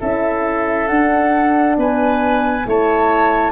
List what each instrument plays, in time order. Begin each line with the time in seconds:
0.00 tuba C#4, horn E4, oboe A4, flute E5
0.87 tuba D4, horn D4, flute F#5
1.77 tuba B3, oboe B4, flute G#5
2.66 tuba A3, horn E4, oboe C#5, flute A5